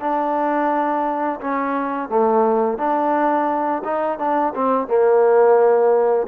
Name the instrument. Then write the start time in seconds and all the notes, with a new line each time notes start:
trombone
0.00 D4
1.40 C#4
2.09 A3
2.78 D4
3.84 D#4
4.18 D4
4.55 C4
4.87 A#3